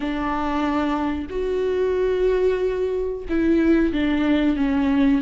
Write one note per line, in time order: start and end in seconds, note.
0.00 1.26 D4
1.29 3.25 F#4
3.29 3.92 E4
3.92 4.56 D4
4.56 5.21 C#4